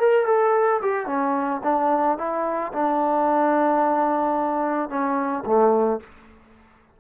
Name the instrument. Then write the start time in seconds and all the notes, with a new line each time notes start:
trombone
0.00 A#4
0.26 A4
0.82 G4
1.07 C#4
1.63 D4
2.18 E4
2.73 D4
4.89 C#4
5.46 A3